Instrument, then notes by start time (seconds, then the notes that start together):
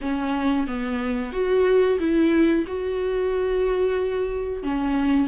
viola
0.01 C#4
0.67 B3
1.32 F#4
1.99 E4
2.67 F#4
4.63 C#4